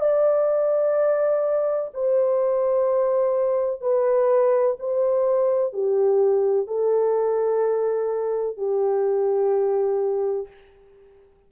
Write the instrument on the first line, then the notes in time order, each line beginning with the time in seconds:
horn
0.00 D5
1.94 C5
3.81 B4
4.79 C5
5.73 G4
6.67 A4
8.57 G4